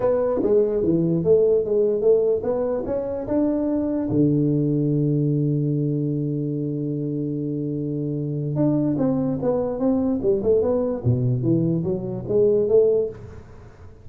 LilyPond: \new Staff \with { instrumentName = "tuba" } { \time 4/4 \tempo 4 = 147 b4 gis4 e4 a4 | gis4 a4 b4 cis'4 | d'2 d2~ | d1~ |
d1~ | d4 d'4 c'4 b4 | c'4 g8 a8 b4 b,4 | e4 fis4 gis4 a4 | }